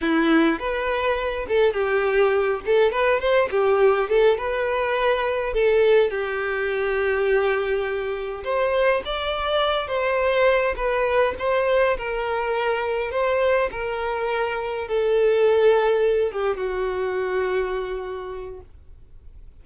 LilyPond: \new Staff \with { instrumentName = "violin" } { \time 4/4 \tempo 4 = 103 e'4 b'4. a'8 g'4~ | g'8 a'8 b'8 c''8 g'4 a'8 b'8~ | b'4. a'4 g'4.~ | g'2~ g'8 c''4 d''8~ |
d''4 c''4. b'4 c''8~ | c''8 ais'2 c''4 ais'8~ | ais'4. a'2~ a'8 | g'8 fis'2.~ fis'8 | }